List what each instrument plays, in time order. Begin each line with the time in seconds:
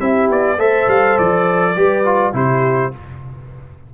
0.00 tuba C4, trombone E4, horn G4, trumpet E5
0.29 tuba B3, trumpet D5
0.58 tuba A3, trombone A4, horn C5, trumpet E5
0.88 tuba G3, trumpet F5
1.18 tuba F3, trumpet D5
1.76 tuba G3, trombone G4, horn B4
2.05 trombone F4
2.33 tuba C3, trombone E4, horn G4, trumpet C5